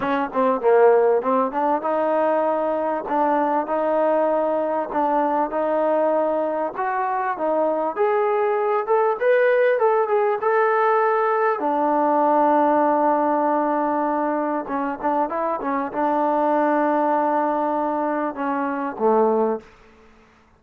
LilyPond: \new Staff \with { instrumentName = "trombone" } { \time 4/4 \tempo 4 = 98 cis'8 c'8 ais4 c'8 d'8 dis'4~ | dis'4 d'4 dis'2 | d'4 dis'2 fis'4 | dis'4 gis'4. a'8 b'4 |
a'8 gis'8 a'2 d'4~ | d'1 | cis'8 d'8 e'8 cis'8 d'2~ | d'2 cis'4 a4 | }